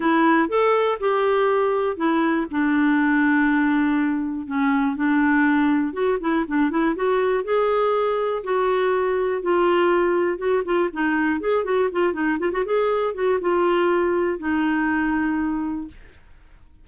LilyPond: \new Staff \with { instrumentName = "clarinet" } { \time 4/4 \tempo 4 = 121 e'4 a'4 g'2 | e'4 d'2.~ | d'4 cis'4 d'2 | fis'8 e'8 d'8 e'8 fis'4 gis'4~ |
gis'4 fis'2 f'4~ | f'4 fis'8 f'8 dis'4 gis'8 fis'8 | f'8 dis'8 f'16 fis'16 gis'4 fis'8 f'4~ | f'4 dis'2. | }